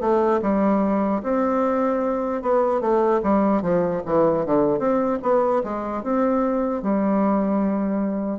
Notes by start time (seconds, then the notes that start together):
0.00 A3
0.42 G3
1.23 C4
2.42 B3
2.80 A3
3.23 G3
3.62 F3
4.05 E3
4.45 D3
4.79 C4
5.22 B3
5.63 G#3
6.03 C4
6.82 G3